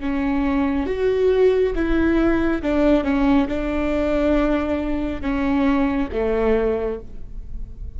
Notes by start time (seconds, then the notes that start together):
0.00 C#4
0.87 F#4
1.75 E4
2.62 D4
3.04 C#4
3.48 D4
5.22 C#4
6.13 A3